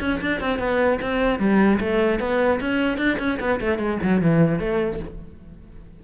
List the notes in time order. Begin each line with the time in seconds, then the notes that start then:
0.00 C#4
0.21 D4
0.40 C4
0.59 B3
1.02 C4
1.39 G3
1.80 A3
2.20 B3
2.61 C#4
2.98 D4
3.19 C#4
3.40 B3
3.61 A3
3.79 G#3
4.03 F#3
4.21 E3
4.59 A3